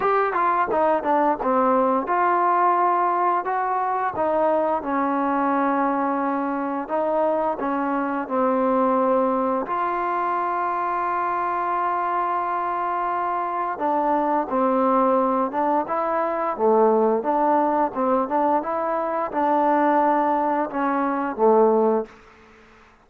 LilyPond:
\new Staff \with { instrumentName = "trombone" } { \time 4/4 \tempo 4 = 87 g'8 f'8 dis'8 d'8 c'4 f'4~ | f'4 fis'4 dis'4 cis'4~ | cis'2 dis'4 cis'4 | c'2 f'2~ |
f'1 | d'4 c'4. d'8 e'4 | a4 d'4 c'8 d'8 e'4 | d'2 cis'4 a4 | }